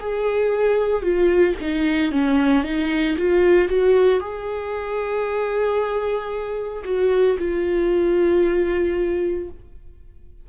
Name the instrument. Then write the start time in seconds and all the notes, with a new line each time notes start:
viola
0.00 G#4
1.02 F4
1.61 D#4
2.12 C#4
2.64 D#4
3.17 F4
3.68 F#4
4.20 G#4
6.85 F#4
7.38 F4